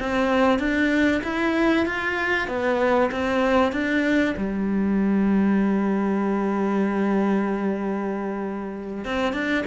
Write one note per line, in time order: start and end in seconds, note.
0.00 0.59 C4
0.59 1.22 D4
1.23 1.86 E4
1.86 2.48 F4
2.48 3.10 B3
3.12 3.72 C4
3.72 4.35 D4
4.37 9.05 G3
9.05 9.33 C4
9.33 9.64 D4